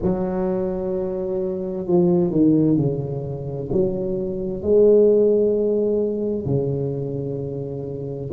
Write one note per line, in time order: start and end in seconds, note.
0.02 1.86 F#3
1.86 2.30 F3
2.30 2.77 D#3
2.77 3.69 C#3
3.72 4.62 F#3
4.62 6.45 G#3
6.45 8.30 C#3